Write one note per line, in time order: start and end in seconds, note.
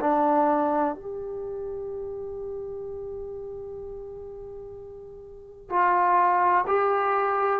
0.00 0.94 D4
0.94 5.69 G4
5.69 6.65 F4
6.67 7.60 G4